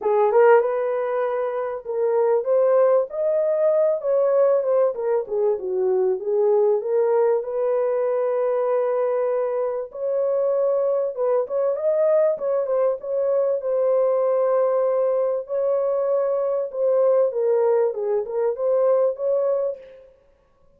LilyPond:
\new Staff \with { instrumentName = "horn" } { \time 4/4 \tempo 4 = 97 gis'8 ais'8 b'2 ais'4 | c''4 dis''4. cis''4 c''8 | ais'8 gis'8 fis'4 gis'4 ais'4 | b'1 |
cis''2 b'8 cis''8 dis''4 | cis''8 c''8 cis''4 c''2~ | c''4 cis''2 c''4 | ais'4 gis'8 ais'8 c''4 cis''4 | }